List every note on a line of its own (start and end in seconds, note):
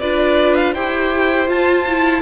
0.00 0.75 D4
0.00 0.76 F4
0.00 0.74 B4
0.00 0.55 D5
0.55 0.74 F5
0.74 1.48 E4
0.74 1.48 G4
0.74 2.22 C5
0.74 1.48 G5
1.48 1.85 F4
1.48 2.22 F4
1.48 2.22 A5
1.88 2.22 E4